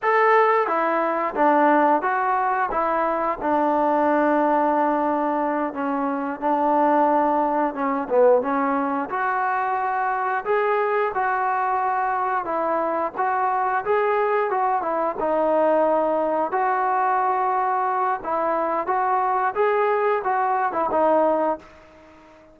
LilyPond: \new Staff \with { instrumentName = "trombone" } { \time 4/4 \tempo 4 = 89 a'4 e'4 d'4 fis'4 | e'4 d'2.~ | d'8 cis'4 d'2 cis'8 | b8 cis'4 fis'2 gis'8~ |
gis'8 fis'2 e'4 fis'8~ | fis'8 gis'4 fis'8 e'8 dis'4.~ | dis'8 fis'2~ fis'8 e'4 | fis'4 gis'4 fis'8. e'16 dis'4 | }